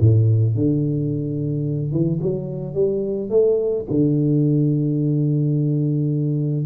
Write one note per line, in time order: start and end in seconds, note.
0.00 0.55 A2
0.55 1.92 D3
1.92 2.19 E3
2.21 2.74 F#3
2.74 3.30 G3
3.30 3.85 A3
3.90 6.66 D3